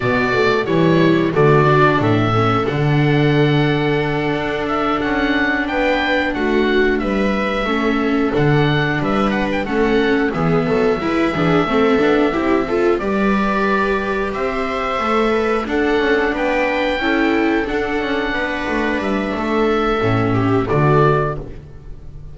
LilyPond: <<
  \new Staff \with { instrumentName = "oboe" } { \time 4/4 \tempo 4 = 90 d''4 cis''4 d''4 e''4 | fis''2. e''8 fis''8~ | fis''8 g''4 fis''4 e''4.~ | e''8 fis''4 e''8 fis''16 g''16 fis''4 e''8~ |
e''2.~ e''8 d''8~ | d''4. e''2 fis''8~ | fis''8 g''2 fis''4.~ | fis''8 e''2~ e''8 d''4 | }
  \new Staff \with { instrumentName = "viola" } { \time 4/4 fis'4 e'4 fis'4 a'4~ | a'1~ | a'8 b'4 fis'4 b'4 a'8~ | a'4. b'4 a'4 gis'8 |
a'8 b'8 gis'8 a'4 g'8 a'8 b'8~ | b'4. c''4. b'8 a'8~ | a'8 b'4 a'2 b'8~ | b'4 a'4. g'8 fis'4 | }
  \new Staff \with { instrumentName = "viola" } { \time 4/4 b8 a8 g4 a8 d'4 cis'8 | d'1~ | d'2.~ d'8 cis'8~ | cis'8 d'2 cis'4 b8~ |
b8 e'8 d'8 c'8 d'8 e'8 f'8 g'8~ | g'2~ g'8 a'4 d'8~ | d'4. e'4 d'4.~ | d'2 cis'4 a4 | }
  \new Staff \with { instrumentName = "double bass" } { \time 4/4 b,4 e4 d4 a,4 | d2~ d8 d'4 cis'8~ | cis'8 b4 a4 g4 a8~ | a8 d4 g4 a4 e8 |
fis8 gis8 e8 a8 b8 c'4 g8~ | g4. c'4 a4 d'8 | cis'8 b4 cis'4 d'8 cis'8 b8 | a8 g8 a4 a,4 d4 | }
>>